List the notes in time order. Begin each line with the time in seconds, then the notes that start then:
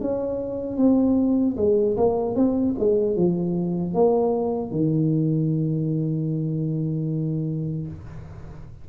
0.00 C#4
0.76 C4
1.57 G#3
1.97 A#3
2.35 C4
2.78 G#3
3.15 F3
3.94 A#3
4.71 D#3